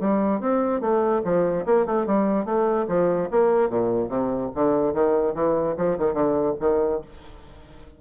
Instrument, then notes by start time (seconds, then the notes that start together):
bassoon
0.00 G3
0.40 C4
0.81 A3
1.24 F3
1.66 A#3
1.86 A3
2.06 G3
2.45 A3
2.88 F3
3.31 A#3
3.70 A#2
4.09 C3
4.55 D3
4.94 D#3
5.34 E3
5.77 F3
5.98 D#3
6.13 D3
6.60 D#3